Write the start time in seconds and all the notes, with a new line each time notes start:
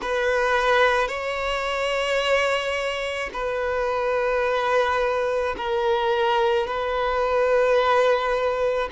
0.01 B4
1.08 C#5
3.33 B4
5.57 A#4
6.66 B4